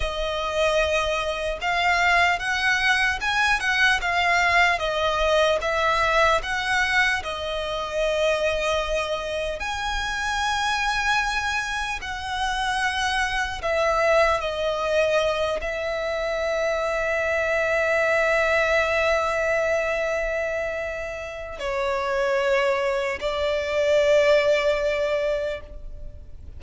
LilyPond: \new Staff \with { instrumentName = "violin" } { \time 4/4 \tempo 4 = 75 dis''2 f''4 fis''4 | gis''8 fis''8 f''4 dis''4 e''4 | fis''4 dis''2. | gis''2. fis''4~ |
fis''4 e''4 dis''4. e''8~ | e''1~ | e''2. cis''4~ | cis''4 d''2. | }